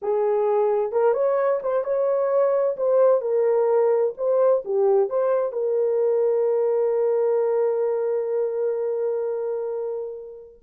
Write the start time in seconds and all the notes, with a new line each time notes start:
0.01 G#4
0.91 A#4
1.13 C#5
1.62 C5
1.84 C#5
2.76 C5
3.21 A#4
4.17 C5
4.64 G4
5.09 C5
5.52 A#4